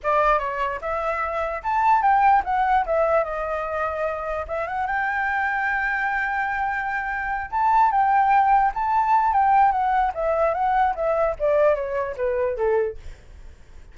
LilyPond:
\new Staff \with { instrumentName = "flute" } { \time 4/4 \tempo 4 = 148 d''4 cis''4 e''2 | a''4 g''4 fis''4 e''4 | dis''2. e''8 fis''8 | g''1~ |
g''2~ g''8 a''4 g''8~ | g''4. a''4. g''4 | fis''4 e''4 fis''4 e''4 | d''4 cis''4 b'4 a'4 | }